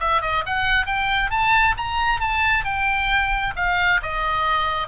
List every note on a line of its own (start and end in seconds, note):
0.00 0.21 E5
0.21 0.44 D#5
0.46 0.86 F#5
0.86 1.30 G5
1.30 1.75 A5
1.77 2.20 A#5
2.20 2.64 A5
2.64 3.54 G5
3.56 4.01 F5
4.02 4.87 D#5